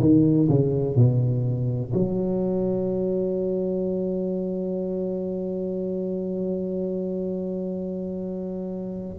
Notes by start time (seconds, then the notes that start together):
0.00 D#3
0.48 C#3
0.95 B2
1.94 F#3